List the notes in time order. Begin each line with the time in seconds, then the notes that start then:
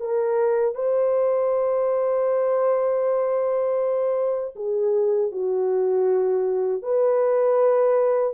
0.00 A#4
0.75 C5
4.55 G#4
5.32 F#4
6.82 B4